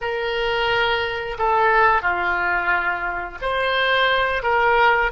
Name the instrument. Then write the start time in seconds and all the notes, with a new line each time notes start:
oboe
0.01 A#4
1.38 A4
2.02 F4
3.41 C5
4.43 A#4